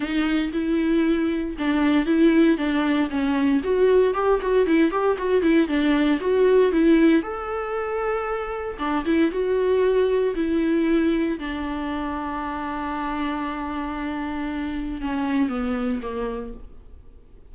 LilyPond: \new Staff \with { instrumentName = "viola" } { \time 4/4 \tempo 4 = 116 dis'4 e'2 d'4 | e'4 d'4 cis'4 fis'4 | g'8 fis'8 e'8 g'8 fis'8 e'8 d'4 | fis'4 e'4 a'2~ |
a'4 d'8 e'8 fis'2 | e'2 d'2~ | d'1~ | d'4 cis'4 b4 ais4 | }